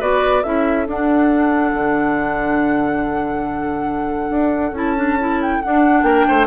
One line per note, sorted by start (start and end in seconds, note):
0.00 0.44 B3
0.00 0.44 F#4
0.00 0.43 B4
0.00 0.43 D5
0.43 0.87 C#4
0.43 0.87 E4
0.43 6.05 A4
0.43 0.87 E5
0.87 4.75 D4
0.87 1.74 D4
0.87 4.77 F#5
1.74 4.30 D3
4.30 4.72 D4
4.72 5.58 C#4
4.72 4.96 E4
4.72 5.41 A5
4.96 5.18 D4
5.20 5.63 E4
5.42 5.62 G5
5.62 6.47 D4
5.62 6.03 D4
5.62 6.03 F#5
6.03 6.24 A#3
6.03 6.26 A#4
6.03 6.46 G5
6.28 6.47 A3
6.28 6.47 C5